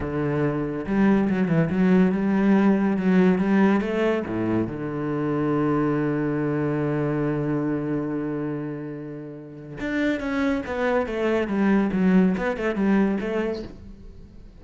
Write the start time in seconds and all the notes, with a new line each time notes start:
0.00 D3
0.86 G3
1.29 F#3
1.48 E3
1.70 F#3
2.11 G3
2.97 F#3
3.38 G3
3.80 A3
4.26 A2
4.67 D3
9.79 D4
10.20 C#4
10.66 B3
11.06 A3
11.47 G3
11.92 F#3
12.37 B3
12.56 A3
12.75 G3
13.20 A3